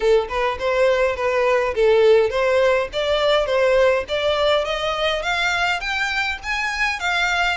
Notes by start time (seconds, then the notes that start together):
0.00 A4
0.28 B4
0.59 C5
1.16 B4
1.74 A4
2.30 C5
2.93 D5
3.46 C5
4.08 D5
4.64 D#5
5.22 F5
5.80 G5
6.43 G#5
6.99 F5